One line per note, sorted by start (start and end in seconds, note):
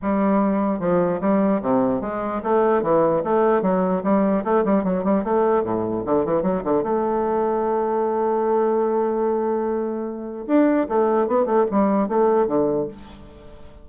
0.02 0.79 G3
0.79 1.20 F3
1.20 1.61 G3
1.62 2.01 C3
2.01 2.41 G#3
2.43 2.82 A3
2.82 3.22 E3
3.24 3.62 A3
3.62 4.02 F#3
4.03 4.43 G3
4.44 4.64 A3
4.65 4.84 G3
4.84 5.04 F#3
5.04 5.23 G3
5.23 5.63 A3
5.63 6.03 A2
6.05 6.25 D3
6.25 6.42 E3
6.42 6.62 F#3
6.64 6.83 D3
6.83 10.45 A3
10.47 10.87 D4
10.88 11.27 A3
11.27 11.45 B3
11.45 11.65 A3
11.71 12.08 G3
12.08 12.47 A3
12.47 12.87 D3